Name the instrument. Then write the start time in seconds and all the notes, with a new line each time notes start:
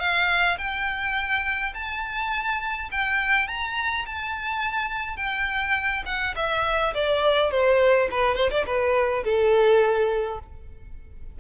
violin
0.00 F5
0.58 G5
1.75 A5
2.92 G5
3.48 A#5
4.06 A5
5.17 G5
6.06 F#5
6.36 E5
6.94 D5
7.52 C5
8.12 B4
8.36 C5
8.51 D5
8.67 B4
9.25 A4